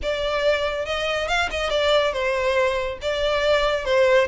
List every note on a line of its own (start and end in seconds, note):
0.02 0.85 D5
0.85 1.27 D#5
1.27 1.49 F5
1.50 1.69 D#5
1.69 2.12 D5
2.12 2.98 C5
3.01 3.85 D5
3.85 4.27 C5